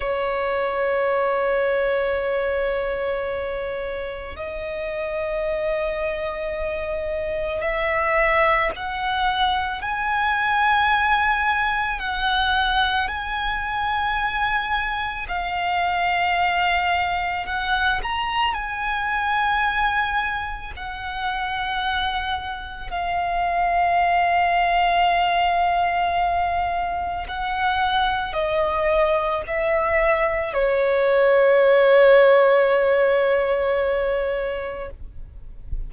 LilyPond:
\new Staff \with { instrumentName = "violin" } { \time 4/4 \tempo 4 = 55 cis''1 | dis''2. e''4 | fis''4 gis''2 fis''4 | gis''2 f''2 |
fis''8 ais''8 gis''2 fis''4~ | fis''4 f''2.~ | f''4 fis''4 dis''4 e''4 | cis''1 | }